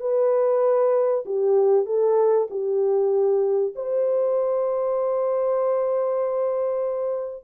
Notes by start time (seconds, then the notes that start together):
0.00 B4
1.25 G4
1.86 A4
2.50 G4
3.75 C5